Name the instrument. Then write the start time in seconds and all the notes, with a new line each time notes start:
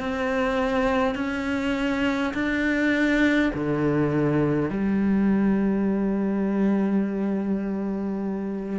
cello
0.00 C4
1.15 C#4
2.34 D4
3.54 D3
4.70 G3